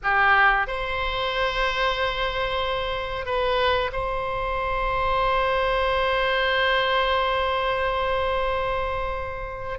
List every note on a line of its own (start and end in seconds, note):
0.03 0.67 G4
0.67 3.25 C5
3.25 3.90 B4
3.92 9.78 C5